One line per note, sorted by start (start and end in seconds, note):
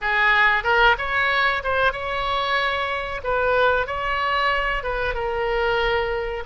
0.01 0.63 G#4
0.63 0.96 A#4
0.98 1.62 C#5
1.63 1.92 C5
1.92 3.21 C#5
3.23 3.87 B4
3.87 4.83 C#5
4.83 5.14 B4
5.14 6.43 A#4